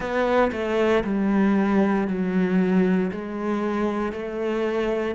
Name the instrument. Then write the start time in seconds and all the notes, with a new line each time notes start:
cello
0.00 B3
0.52 A3
1.03 G3
2.07 F#3
3.11 G#3
4.12 A3